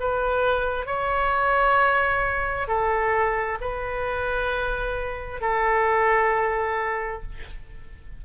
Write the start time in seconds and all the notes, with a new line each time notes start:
0.00 B4
0.86 C#5
2.67 A4
3.60 B4
5.40 A4